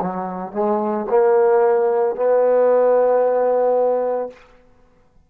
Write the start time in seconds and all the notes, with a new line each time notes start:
0.00 F#3
0.52 G#3
1.09 A#3
2.15 B3